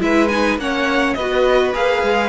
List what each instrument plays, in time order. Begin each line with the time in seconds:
0.00 cello G#3, viola E4, violin B4 E5
0.28 viola D#4, violin G#5
0.57 cello A#3, viola C#4, violin C#5 F#5
1.14 cello B3, violin B4 D#5
1.20 viola F#4
1.74 cello A#3, viola G#4, violin F5
2.03 cello G#3